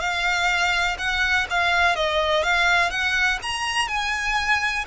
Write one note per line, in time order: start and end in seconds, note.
0.00 0.97 F5
0.98 1.46 F#5
1.50 1.95 F5
1.95 2.43 D#5
2.43 2.90 F5
2.90 3.39 F#5
3.42 3.88 A#5
3.88 4.85 G#5